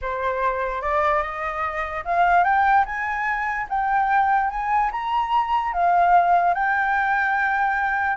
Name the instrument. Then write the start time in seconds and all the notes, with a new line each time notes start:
flute
0.01 C5
0.81 D5
1.22 D#5
2.04 F5
2.44 G5
2.85 G#5
3.69 G5
4.50 G#5
4.91 A#5
5.73 F5
6.53 G5